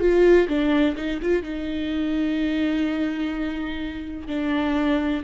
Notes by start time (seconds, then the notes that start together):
0.00 F4
0.48 D4
0.96 D#4
1.22 F4
1.43 D#4
4.28 D4